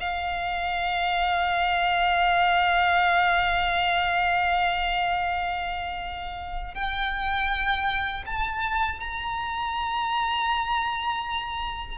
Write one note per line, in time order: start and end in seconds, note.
0.00 6.74 F5
6.74 8.24 G5
8.26 9.00 A5
9.00 11.98 A#5